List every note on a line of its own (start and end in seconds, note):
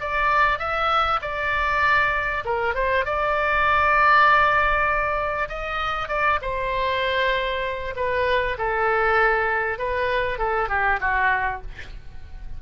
0.00 0.58 D5
0.58 1.20 E5
1.21 2.44 D5
2.44 2.74 A#4
2.74 3.05 C5
3.05 5.49 D5
5.49 6.08 D#5
6.08 6.39 D5
6.41 7.94 C5
7.96 8.57 B4
8.58 9.78 A4
9.78 10.38 B4
10.38 10.69 A4
10.69 10.99 G4
11.00 11.61 F#4